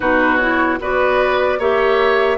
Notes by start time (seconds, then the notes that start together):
0.00 B2 D#4 F#4 B4
0.37 E4 C#5
0.80 B3 F#4 B4 D5
1.59 A#3 G4 C#5 E5